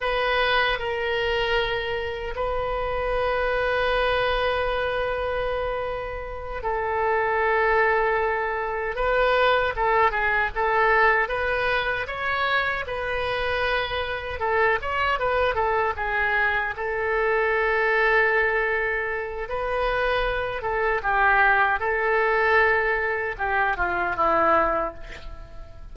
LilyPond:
\new Staff \with { instrumentName = "oboe" } { \time 4/4 \tempo 4 = 77 b'4 ais'2 b'4~ | b'1~ | b'8 a'2. b'8~ | b'8 a'8 gis'8 a'4 b'4 cis''8~ |
cis''8 b'2 a'8 cis''8 b'8 | a'8 gis'4 a'2~ a'8~ | a'4 b'4. a'8 g'4 | a'2 g'8 f'8 e'4 | }